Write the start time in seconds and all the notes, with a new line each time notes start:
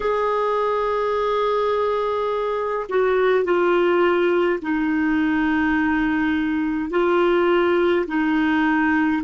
0.00 G#4
2.88 F#4
3.44 F4
4.62 D#4
6.90 F4
8.07 D#4